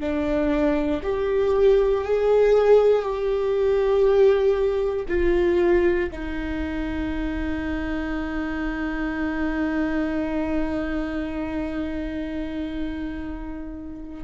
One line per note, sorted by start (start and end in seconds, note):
0.00 1.02 D4
1.03 2.04 G4
2.04 3.03 G#4
3.03 5.06 G4
5.08 6.10 F4
6.11 14.24 D#4